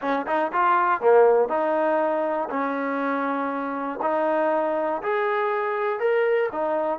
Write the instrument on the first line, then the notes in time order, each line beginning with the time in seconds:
trombone
0.01 C#4
0.26 D#4
0.52 F4
1.00 A#3
1.48 D#4
2.49 C#4
4.02 D#4
5.02 G#4
5.99 A#4
6.52 D#4